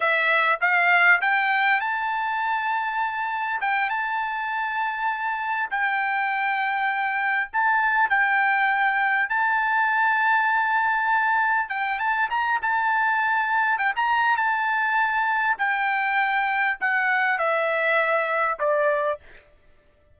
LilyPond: \new Staff \with { instrumentName = "trumpet" } { \time 4/4 \tempo 4 = 100 e''4 f''4 g''4 a''4~ | a''2 g''8 a''4.~ | a''4. g''2~ g''8~ | g''8 a''4 g''2 a''8~ |
a''2.~ a''8 g''8 | a''8 ais''8 a''2 g''16 ais''8. | a''2 g''2 | fis''4 e''2 d''4 | }